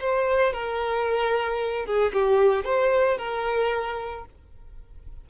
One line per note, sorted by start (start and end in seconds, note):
0.00 0.53 C5
0.53 1.85 A#4
1.85 2.12 G#4
2.13 2.64 G4
2.64 3.18 C5
3.18 4.25 A#4